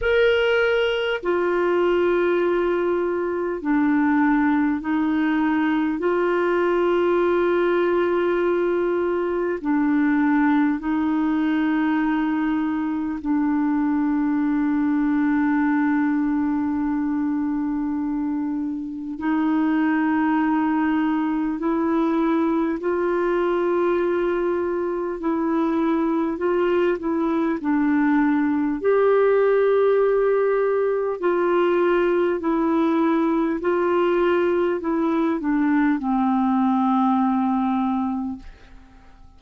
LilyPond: \new Staff \with { instrumentName = "clarinet" } { \time 4/4 \tempo 4 = 50 ais'4 f'2 d'4 | dis'4 f'2. | d'4 dis'2 d'4~ | d'1 |
dis'2 e'4 f'4~ | f'4 e'4 f'8 e'8 d'4 | g'2 f'4 e'4 | f'4 e'8 d'8 c'2 | }